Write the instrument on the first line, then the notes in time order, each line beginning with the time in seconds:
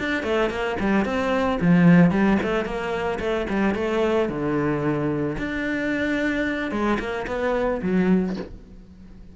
cello
0.00 D4
0.23 A3
0.50 A#3
0.80 G3
1.06 C4
1.62 F3
2.11 G3
2.43 A3
2.65 A#3
3.20 A3
3.50 G3
3.75 A3
4.29 D3
5.38 D4
6.72 G#3
7.00 A#3
7.28 B3
7.83 F#3